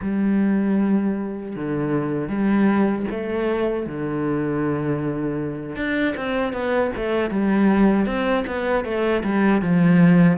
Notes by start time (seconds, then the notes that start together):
0.01 G3
1.55 D3
2.28 G3
3.10 A3
3.86 D3
5.76 D4
6.16 C4
6.52 B3
6.95 A3
7.30 G3
8.06 C4
8.46 B3
8.84 A3
9.23 G3
9.61 F3